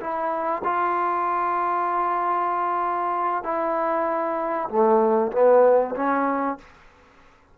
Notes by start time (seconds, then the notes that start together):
0.00 E4
0.64 F4
3.43 E4
4.69 A3
5.32 B3
5.95 C#4